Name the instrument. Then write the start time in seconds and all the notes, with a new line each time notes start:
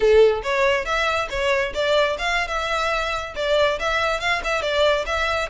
violin
0.00 A4
0.42 C#5
0.85 E5
1.29 C#5
1.74 D5
2.18 F5
2.47 E5
3.35 D5
3.79 E5
4.20 F5
4.43 E5
4.61 D5
5.05 E5